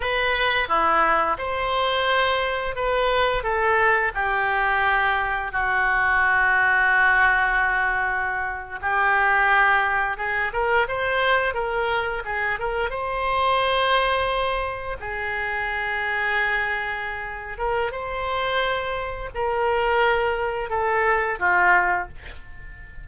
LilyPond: \new Staff \with { instrumentName = "oboe" } { \time 4/4 \tempo 4 = 87 b'4 e'4 c''2 | b'4 a'4 g'2 | fis'1~ | fis'8. g'2 gis'8 ais'8 c''16~ |
c''8. ais'4 gis'8 ais'8 c''4~ c''16~ | c''4.~ c''16 gis'2~ gis'16~ | gis'4. ais'8 c''2 | ais'2 a'4 f'4 | }